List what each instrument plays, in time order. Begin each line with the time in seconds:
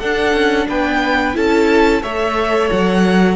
0.00 cello D4, viola D4, violin A4 F#5
0.33 cello C#4
0.69 cello B3, violin B4 G5
1.34 cello C#4, viola E4, violin A4 A5
2.03 cello A3, viola A4, violin C#5 E5
2.71 cello F#3, violin F#5